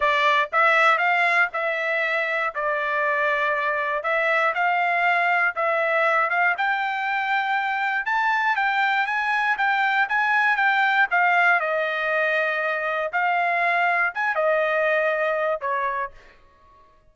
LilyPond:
\new Staff \with { instrumentName = "trumpet" } { \time 4/4 \tempo 4 = 119 d''4 e''4 f''4 e''4~ | e''4 d''2. | e''4 f''2 e''4~ | e''8 f''8 g''2. |
a''4 g''4 gis''4 g''4 | gis''4 g''4 f''4 dis''4~ | dis''2 f''2 | gis''8 dis''2~ dis''8 cis''4 | }